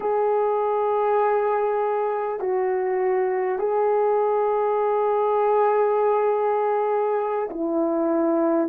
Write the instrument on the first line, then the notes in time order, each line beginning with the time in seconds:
horn
0.00 G#4
2.40 F#4
3.58 G#4
7.49 E4